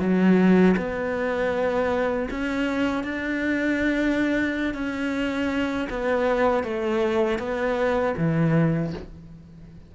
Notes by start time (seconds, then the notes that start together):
0.00 F#3
0.77 B3
2.31 C#4
3.04 D4
4.74 C#4
5.90 B3
6.64 A3
7.39 B3
8.17 E3